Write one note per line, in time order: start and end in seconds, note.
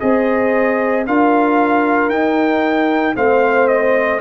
0.00 1.07 C4
0.00 1.05 G#4
0.00 1.08 C5
0.00 1.05 D#5
1.07 2.10 D4
1.07 2.12 F4
1.07 3.16 A#4
1.07 2.10 F5
2.10 3.15 D#4
2.10 3.15 G5
3.15 4.21 A3
3.15 4.20 C4
3.15 4.21 C5
3.15 3.68 F5
3.68 4.20 D#5